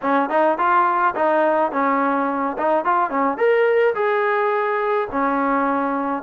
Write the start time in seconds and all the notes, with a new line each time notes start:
0.02 C#4
0.29 D#4
0.57 F4
1.15 D#4
1.71 C#4
2.58 D#4
2.85 F4
3.10 C#4
3.37 A#4
3.94 G#4
5.11 C#4